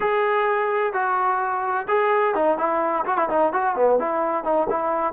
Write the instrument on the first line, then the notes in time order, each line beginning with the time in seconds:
trombone
0.00 G#4
0.93 F#4
1.87 G#4
2.34 D#4
2.58 E4
3.05 F#4
3.17 E4
3.29 D#4
3.52 F#4
3.75 B3
3.99 E4
4.43 D#4
4.69 E4